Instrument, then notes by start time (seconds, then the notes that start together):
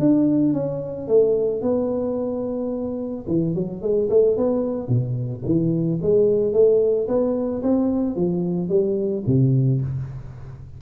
tuba
0.00 D4
0.54 C#4
1.08 A3
1.62 B3
3.28 E3
3.55 F#3
3.82 G#3
4.10 A3
4.37 B3
4.88 B2
5.46 E3
6.02 G#3
6.53 A3
7.08 B3
7.63 C4
8.16 F3
8.69 G3
9.27 C3